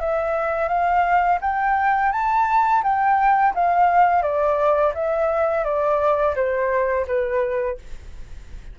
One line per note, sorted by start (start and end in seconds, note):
0.00 0.68 E5
0.68 1.39 F5
1.41 2.12 G5
2.12 2.83 A5
2.83 3.54 G5
3.55 4.23 F5
4.23 4.93 D5
4.95 5.64 E5
5.64 6.35 D5
6.36 7.06 C5
7.07 7.78 B4